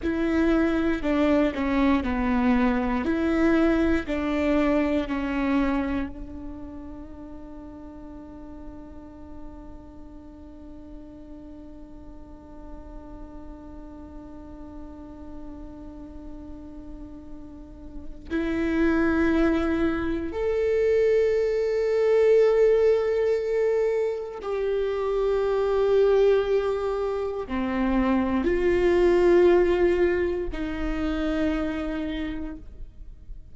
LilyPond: \new Staff \with { instrumentName = "viola" } { \time 4/4 \tempo 4 = 59 e'4 d'8 cis'8 b4 e'4 | d'4 cis'4 d'2~ | d'1~ | d'1~ |
d'2 e'2 | a'1 | g'2. c'4 | f'2 dis'2 | }